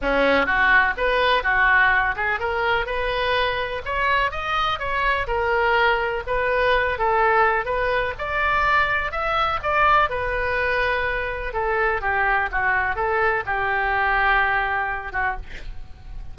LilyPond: \new Staff \with { instrumentName = "oboe" } { \time 4/4 \tempo 4 = 125 cis'4 fis'4 b'4 fis'4~ | fis'8 gis'8 ais'4 b'2 | cis''4 dis''4 cis''4 ais'4~ | ais'4 b'4. a'4. |
b'4 d''2 e''4 | d''4 b'2. | a'4 g'4 fis'4 a'4 | g'2.~ g'8 fis'8 | }